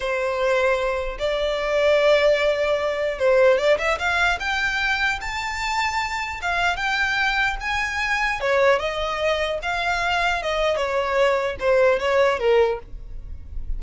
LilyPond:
\new Staff \with { instrumentName = "violin" } { \time 4/4 \tempo 4 = 150 c''2. d''4~ | d''1 | c''4 d''8 e''8 f''4 g''4~ | g''4 a''2. |
f''4 g''2 gis''4~ | gis''4 cis''4 dis''2 | f''2 dis''4 cis''4~ | cis''4 c''4 cis''4 ais'4 | }